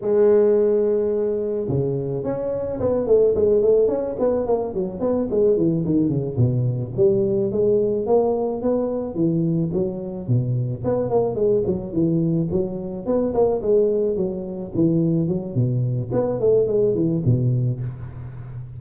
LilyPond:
\new Staff \with { instrumentName = "tuba" } { \time 4/4 \tempo 4 = 108 gis2. cis4 | cis'4 b8 a8 gis8 a8 cis'8 b8 | ais8 fis8 b8 gis8 e8 dis8 cis8 b,8~ | b,8 g4 gis4 ais4 b8~ |
b8 e4 fis4 b,4 b8 | ais8 gis8 fis8 e4 fis4 b8 | ais8 gis4 fis4 e4 fis8 | b,4 b8 a8 gis8 e8 b,4 | }